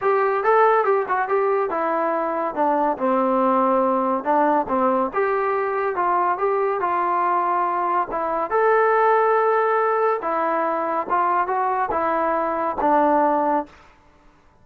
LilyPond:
\new Staff \with { instrumentName = "trombone" } { \time 4/4 \tempo 4 = 141 g'4 a'4 g'8 fis'8 g'4 | e'2 d'4 c'4~ | c'2 d'4 c'4 | g'2 f'4 g'4 |
f'2. e'4 | a'1 | e'2 f'4 fis'4 | e'2 d'2 | }